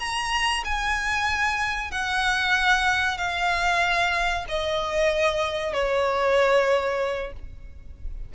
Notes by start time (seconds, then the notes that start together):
0.00 A#5
0.65 G#5
1.91 F#5
3.18 F5
4.49 D#5
5.73 C#5